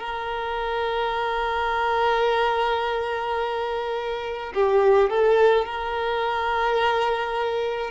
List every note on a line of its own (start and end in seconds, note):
0.00 4.53 A#4
4.54 5.10 G4
5.10 5.66 A4
5.66 7.91 A#4